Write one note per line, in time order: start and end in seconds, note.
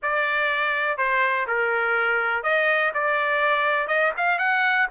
0.02 0.97 D5
0.97 1.46 C5
1.47 2.43 A#4
2.43 2.92 D#5
2.94 3.87 D5
3.87 4.12 D#5
4.17 4.38 F5
4.38 4.87 F#5